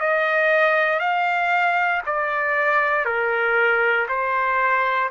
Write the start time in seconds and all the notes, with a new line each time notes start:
0.00 D#5
1.00 F5
2.06 D5
3.05 A#4
4.08 C5